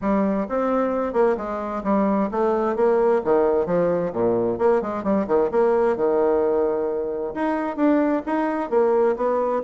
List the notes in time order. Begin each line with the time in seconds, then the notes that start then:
0.01 G3
0.48 C4
1.13 A#3
1.37 G#3
1.83 G3
2.31 A3
2.76 A#3
3.24 D#3
3.66 F3
4.12 A#2
4.58 A#3
4.81 G#3
5.03 G3
5.27 D#3
5.51 A#3
5.96 D#3
7.34 D#4
7.76 D4
8.26 D#4
8.70 A#3
9.16 B3